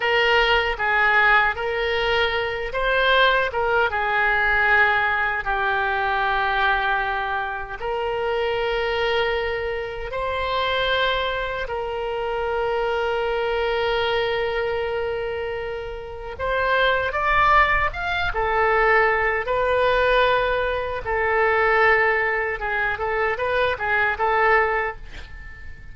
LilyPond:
\new Staff \with { instrumentName = "oboe" } { \time 4/4 \tempo 4 = 77 ais'4 gis'4 ais'4. c''8~ | c''8 ais'8 gis'2 g'4~ | g'2 ais'2~ | ais'4 c''2 ais'4~ |
ais'1~ | ais'4 c''4 d''4 f''8 a'8~ | a'4 b'2 a'4~ | a'4 gis'8 a'8 b'8 gis'8 a'4 | }